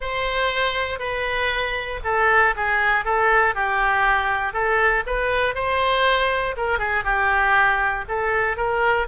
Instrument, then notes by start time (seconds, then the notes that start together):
oboe
0.00 C5
0.99 B4
2.04 A4
2.56 G#4
3.04 A4
3.54 G4
4.53 A4
5.06 B4
5.54 C5
6.57 A#4
6.79 G#4
7.03 G4
8.08 A4
8.56 A#4